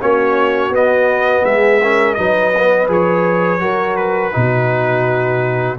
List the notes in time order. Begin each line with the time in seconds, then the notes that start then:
0.00 A#3 C#4 F#4 C#5
0.69 B3 D#5
1.43 G#3 G#4 E5
1.81 C#4 A#4
2.14 F#3 D#4 B4 D#5
2.57 B3
2.87 F3 G#4 C#5
3.59 F#3 F#4 A#4
3.96 B4
4.31 B2 D#4 F#4